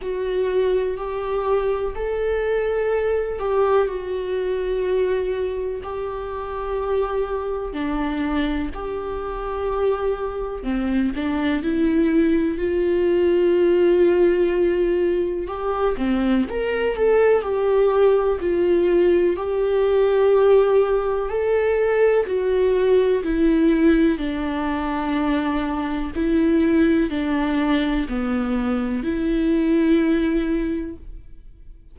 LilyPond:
\new Staff \with { instrumentName = "viola" } { \time 4/4 \tempo 4 = 62 fis'4 g'4 a'4. g'8 | fis'2 g'2 | d'4 g'2 c'8 d'8 | e'4 f'2. |
g'8 c'8 ais'8 a'8 g'4 f'4 | g'2 a'4 fis'4 | e'4 d'2 e'4 | d'4 b4 e'2 | }